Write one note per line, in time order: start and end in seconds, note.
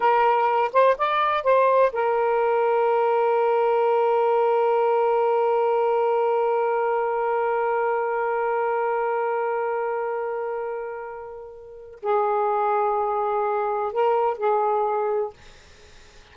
0.00 0.71 A#4
0.72 0.96 C5
0.97 1.43 D5
1.43 1.91 C5
1.92 12.00 A#4
12.02 13.92 G#4
13.92 14.37 A#4
14.37 15.33 G#4